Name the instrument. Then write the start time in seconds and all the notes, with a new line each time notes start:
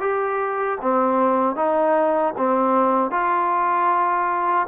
trombone
0.00 G4
0.81 C4
1.55 D#4
2.37 C4
3.11 F4